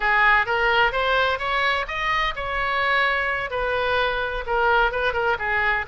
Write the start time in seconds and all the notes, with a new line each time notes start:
0.00 G#4
0.46 A#4
0.92 C5
1.38 C#5
1.87 D#5
2.35 C#5
3.50 B4
4.46 A#4
4.91 B4
5.13 A#4
5.38 G#4